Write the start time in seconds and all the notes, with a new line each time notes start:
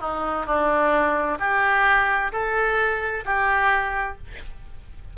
0.00 D#4
0.46 D4
1.39 G4
2.32 A4
3.25 G4